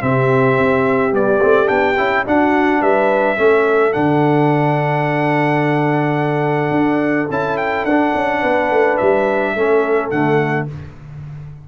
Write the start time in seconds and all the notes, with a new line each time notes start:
0.00 C3 C4 G4 E5
0.58 C4
1.11 G3 B3 D5
1.41 A3 C4
1.65 B3 D4 G5
1.97 C#4 E4
2.25 D4 F#4 F#5
2.81 G3 B4 E5
3.36 A3 C#4 A4
3.92 D3 D4 F#5
6.70 D4
7.30 C#4 E4 A5
7.57 G5
7.84 D4 F#5
8.14 C#4
8.41 B3 B4
8.70 A3
8.97 G3 E5
9.53 A3 C#4 A4
10.10 D3 A3 F#5